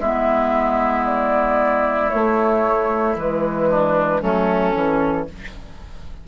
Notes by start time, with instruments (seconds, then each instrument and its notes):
0.00 bassoon G#3, clarinet B3, oboe E4, flute E5
1.06 flute D5
2.10 clarinet A3, bassoon A3, flute C#5
3.16 bassoon E3, clarinet G#3, flute B4
3.70 oboe D4
4.22 bassoon F#3, clarinet A3, oboe C#4, flute A4
4.72 bassoon E3, clarinet C#4